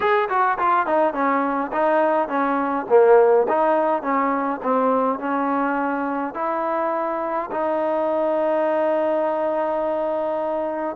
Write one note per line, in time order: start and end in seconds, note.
0.00 0.29 G#4
0.29 0.57 F#4
0.58 0.86 F4
0.86 1.13 D#4
1.13 1.71 C#4
1.72 2.28 D#4
2.28 2.86 C#4
2.89 3.46 A#3
3.48 4.02 D#4
4.02 4.60 C#4
4.62 5.19 C4
5.19 6.34 C#4
6.34 7.49 E4
7.51 10.96 D#4